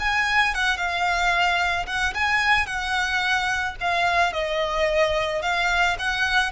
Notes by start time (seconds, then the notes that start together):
0.00 G#5
0.55 F#5
0.77 F5
1.87 F#5
2.15 G#5
2.67 F#5
3.81 F5
4.33 D#5
5.42 F5
5.99 F#5